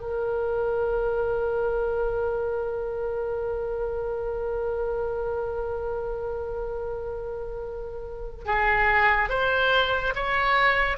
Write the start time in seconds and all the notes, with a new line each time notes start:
0.00 A#4
8.45 G#4
9.30 C5
10.16 C#5